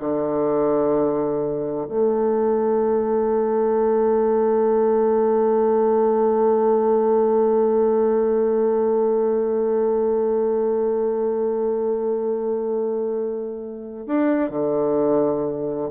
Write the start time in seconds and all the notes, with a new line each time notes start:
0.00 D3
1.89 A3
14.07 D4
14.50 D3